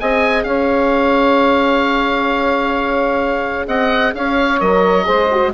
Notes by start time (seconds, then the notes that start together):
0.00 C4 G#4 D#5 G#5
0.43 C#4 C#5 F5
3.67 C4 D#5 F#5
4.14 C#4 C#5 F5
4.60 F#3 A#4 D#5
5.04 G#3 G#4 C5
5.31 F#4